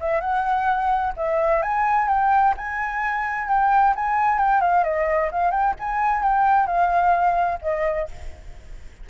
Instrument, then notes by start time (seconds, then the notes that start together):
flute
0.00 E5
0.20 F#5
1.17 E5
1.62 G#5
2.08 G5
2.57 G#5
3.48 G5
3.95 G#5
4.38 G5
4.61 F5
4.84 D#5
5.31 F5
5.51 G5
5.79 G#5
6.22 G5
6.67 F5
7.62 D#5